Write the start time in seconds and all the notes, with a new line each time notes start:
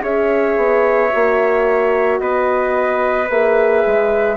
0.00 C#4 G#4 C#5 E5
0.56 B3
1.10 A#3 F#4
2.19 B3 B4 D#5
3.29 A#3 G#4 E5
3.86 G#3